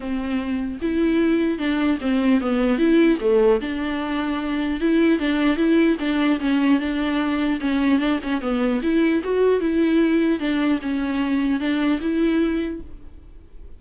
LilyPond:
\new Staff \with { instrumentName = "viola" } { \time 4/4 \tempo 4 = 150 c'2 e'2 | d'4 c'4 b4 e'4 | a4 d'2. | e'4 d'4 e'4 d'4 |
cis'4 d'2 cis'4 | d'8 cis'8 b4 e'4 fis'4 | e'2 d'4 cis'4~ | cis'4 d'4 e'2 | }